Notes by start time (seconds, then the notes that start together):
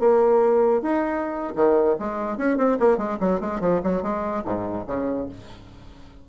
0.00 A#3
0.82 D#4
1.56 D#3
1.99 G#3
2.38 C#4
2.58 C4
2.80 A#3
2.98 G#3
3.20 F#3
3.41 G#3
3.61 F3
3.83 F#3
4.03 G#3
4.45 G#2
4.88 C#3